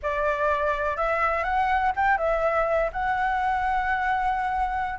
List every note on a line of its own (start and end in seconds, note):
0.02 0.96 D5
0.96 1.43 E5
1.43 1.92 F#5
1.95 2.17 G5
2.17 2.90 E5
2.92 4.99 F#5